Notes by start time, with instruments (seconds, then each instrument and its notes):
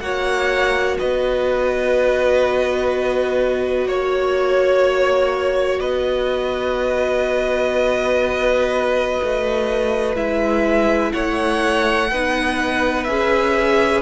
0.00 cello A#3, viola F#4, violin C#5 F#5
0.98 cello B3, violin B4 D#5
3.86 cello A#3, violin C#5
5.80 cello B3, violin B4 D#5
9.23 cello A3
10.15 cello G#3, viola E4, violin E5
11.12 cello A3, violin C#5 F#5
12.11 cello B3, viola D#4, violin B4
13.04 cello C#4, viola G#4, violin E5